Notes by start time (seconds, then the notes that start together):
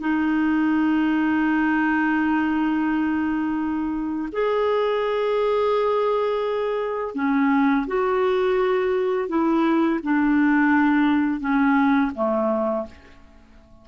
0.00 D#4
4.32 G#4
7.15 C#4
7.87 F#4
9.28 E4
10.03 D4
11.40 C#4
12.15 A3